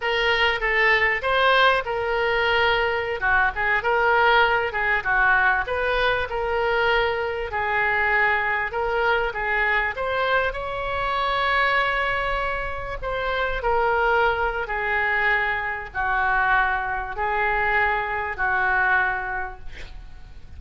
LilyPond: \new Staff \with { instrumentName = "oboe" } { \time 4/4 \tempo 4 = 98 ais'4 a'4 c''4 ais'4~ | ais'4~ ais'16 fis'8 gis'8 ais'4. gis'16~ | gis'16 fis'4 b'4 ais'4.~ ais'16~ | ais'16 gis'2 ais'4 gis'8.~ |
gis'16 c''4 cis''2~ cis''8.~ | cis''4~ cis''16 c''4 ais'4.~ ais'16 | gis'2 fis'2 | gis'2 fis'2 | }